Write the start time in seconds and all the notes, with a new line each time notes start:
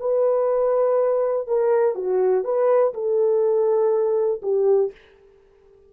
0.00 B4
1.48 A#4
1.95 F#4
2.45 B4
2.94 A4
4.43 G4